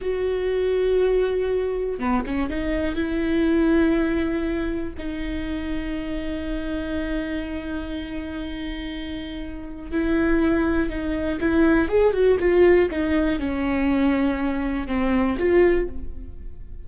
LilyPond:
\new Staff \with { instrumentName = "viola" } { \time 4/4 \tempo 4 = 121 fis'1 | b8 cis'8 dis'4 e'2~ | e'2 dis'2~ | dis'1~ |
dis'1 | e'2 dis'4 e'4 | gis'8 fis'8 f'4 dis'4 cis'4~ | cis'2 c'4 f'4 | }